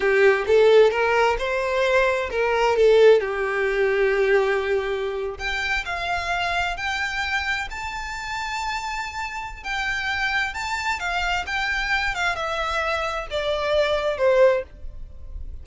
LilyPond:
\new Staff \with { instrumentName = "violin" } { \time 4/4 \tempo 4 = 131 g'4 a'4 ais'4 c''4~ | c''4 ais'4 a'4 g'4~ | g'2.~ g'8. g''16~ | g''8. f''2 g''4~ g''16~ |
g''8. a''2.~ a''16~ | a''4 g''2 a''4 | f''4 g''4. f''8 e''4~ | e''4 d''2 c''4 | }